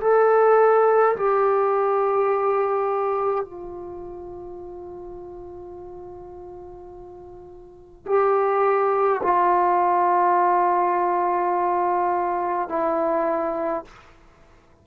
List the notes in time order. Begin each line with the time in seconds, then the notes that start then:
0.00 A4
1.16 G4
3.45 F4
8.06 G4
9.23 F4
12.69 E4